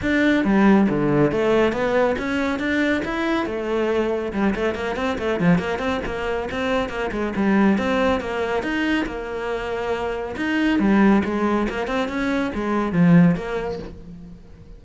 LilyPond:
\new Staff \with { instrumentName = "cello" } { \time 4/4 \tempo 4 = 139 d'4 g4 d4 a4 | b4 cis'4 d'4 e'4 | a2 g8 a8 ais8 c'8 | a8 f8 ais8 c'8 ais4 c'4 |
ais8 gis8 g4 c'4 ais4 | dis'4 ais2. | dis'4 g4 gis4 ais8 c'8 | cis'4 gis4 f4 ais4 | }